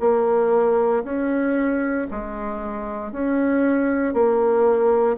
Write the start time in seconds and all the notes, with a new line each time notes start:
0.00 A#3
1.04 C#4
2.11 G#3
3.12 C#4
4.13 A#3